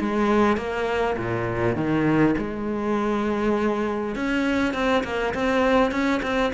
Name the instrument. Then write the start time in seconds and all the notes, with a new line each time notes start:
cello
0.00 G#3
0.57 A#3
1.17 A#2
1.75 D#3
2.37 G#3
4.15 C#4
4.74 C4
5.04 A#3
5.34 C4
5.91 C#4
6.22 C4